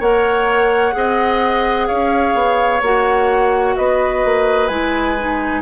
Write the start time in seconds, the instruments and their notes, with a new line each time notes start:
0.00 bassoon A#3, clarinet A#4, oboe C#5, flute F#5
0.93 bassoon C4, clarinet G#4, oboe D#5
1.88 bassoon C#4, oboe C#5, flute F5
2.34 bassoon B3
2.82 bassoon A#3, clarinet F#4, flute F#5
3.77 bassoon B3, oboe B4, flute D#5
4.25 bassoon A#3
4.68 bassoon G#3, clarinet E4, flute G#5
5.19 clarinet D#4